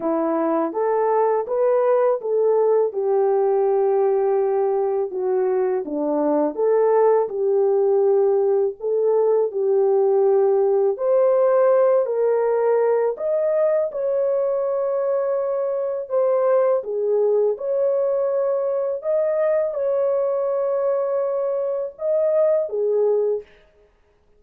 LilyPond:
\new Staff \with { instrumentName = "horn" } { \time 4/4 \tempo 4 = 82 e'4 a'4 b'4 a'4 | g'2. fis'4 | d'4 a'4 g'2 | a'4 g'2 c''4~ |
c''8 ais'4. dis''4 cis''4~ | cis''2 c''4 gis'4 | cis''2 dis''4 cis''4~ | cis''2 dis''4 gis'4 | }